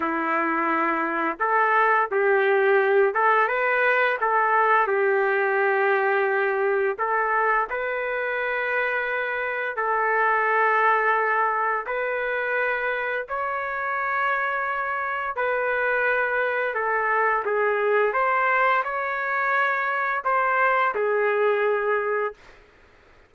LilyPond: \new Staff \with { instrumentName = "trumpet" } { \time 4/4 \tempo 4 = 86 e'2 a'4 g'4~ | g'8 a'8 b'4 a'4 g'4~ | g'2 a'4 b'4~ | b'2 a'2~ |
a'4 b'2 cis''4~ | cis''2 b'2 | a'4 gis'4 c''4 cis''4~ | cis''4 c''4 gis'2 | }